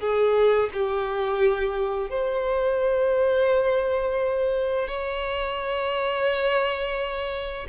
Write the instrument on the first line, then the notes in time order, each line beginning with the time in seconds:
violin
0.00 G#4
0.73 G4
2.11 C5
4.88 C#5